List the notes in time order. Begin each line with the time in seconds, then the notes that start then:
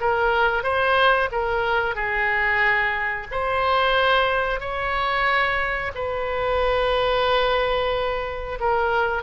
0.00 A#4
0.63 C5
1.32 A#4
1.95 G#4
3.31 C5
4.60 C#5
5.95 B4
8.60 A#4